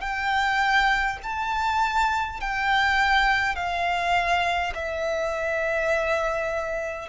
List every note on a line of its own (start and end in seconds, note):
0.00 1.18 G5
1.22 2.40 A5
2.40 3.55 G5
3.55 4.73 F5
4.74 7.09 E5